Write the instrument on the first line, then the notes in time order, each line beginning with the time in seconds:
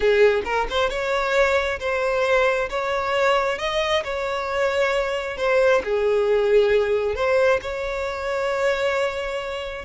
violin
0.00 G#4
0.45 A#4
0.69 C5
0.89 C#5
1.79 C5
2.69 C#5
3.58 D#5
4.04 C#5
5.37 C5
5.84 G#4
7.15 C5
7.61 C#5